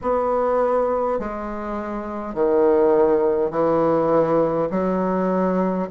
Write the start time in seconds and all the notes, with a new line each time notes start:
0.01 B3
1.19 G#3
2.34 D#3
3.50 E3
4.71 F#3